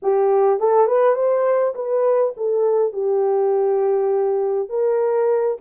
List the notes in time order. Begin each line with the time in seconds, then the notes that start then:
0.02 G4
0.59 A4
0.87 B4
1.15 C5
1.75 B4
2.36 A4
2.93 G4
4.69 A#4